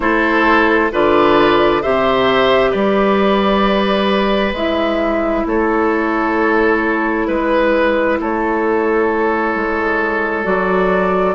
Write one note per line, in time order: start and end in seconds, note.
0.00 0.91 A3
0.00 0.90 E4
0.00 0.92 A4
0.00 0.91 C5
0.91 1.83 D3
0.91 1.82 F4
0.91 1.82 B4
0.91 1.82 D5
1.82 2.74 C3
1.82 4.55 G4
1.82 2.70 C5
1.82 2.71 E5
2.70 4.52 G3
2.70 5.43 B4
2.70 4.53 D5
4.52 5.43 G#3
4.52 10.44 E4
4.52 5.46 E5
5.46 7.27 A3
5.46 7.27 A4
5.46 7.27 C#5
7.27 8.18 G#3
7.27 8.18 B4
8.19 9.55 A3
8.19 11.34 A4
8.19 10.45 C#5
9.55 10.45 G#3
10.44 11.34 F#3
10.44 11.34 F#4
10.44 11.34 D5